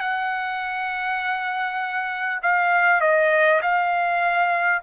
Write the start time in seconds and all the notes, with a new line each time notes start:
0.00 F#5
2.42 F5
3.01 D#5
3.62 F5